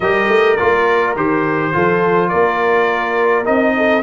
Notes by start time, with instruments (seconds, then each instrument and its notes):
0.00 tuba G3, trombone G4, horn A#4, trumpet D#5
0.28 tuba A3
0.56 tuba A#3, trombone F4, trumpet D5
1.16 tuba D#3, trombone G4, trumpet C5
1.72 tuba F3, trombone F4, horn A4
2.28 tuba A#3, horn A#4, trumpet D5
3.45 tuba C4, trombone D#4, trumpet D#5
3.77 horn A4